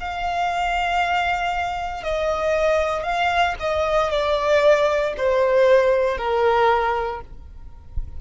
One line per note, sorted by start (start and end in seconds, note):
0.00 2.03 F5
2.03 3.03 D#5
3.03 3.55 F5
3.60 4.11 D#5
4.11 5.14 D5
5.17 6.17 C5
6.17 7.21 A#4